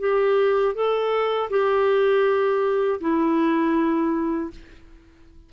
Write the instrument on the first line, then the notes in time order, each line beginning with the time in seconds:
clarinet
0.00 G4
0.75 A4
1.50 G4
3.01 E4